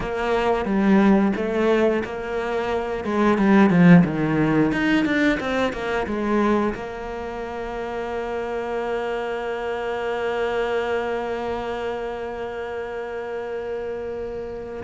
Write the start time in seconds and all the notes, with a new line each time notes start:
0.00 A#3
0.65 G3
1.35 A3
2.04 A#3
3.04 G#3
3.37 G3
3.70 F3
4.04 D#3
4.72 D#4
5.05 D4
5.39 C4
5.72 A#3
6.06 G#3
6.74 A#3